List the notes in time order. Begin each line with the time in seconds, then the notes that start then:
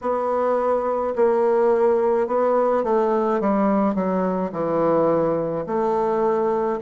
0.01 B3
1.15 A#3
2.27 B3
2.83 A3
3.40 G3
3.95 F#3
4.51 E3
5.66 A3